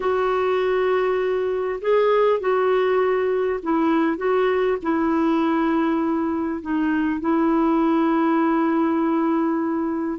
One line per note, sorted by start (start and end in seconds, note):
0.00 1.80 F#4
1.81 2.39 G#4
2.39 3.59 F#4
3.62 4.17 E4
4.17 4.77 F#4
4.82 6.61 E4
6.61 7.20 D#4
7.20 10.19 E4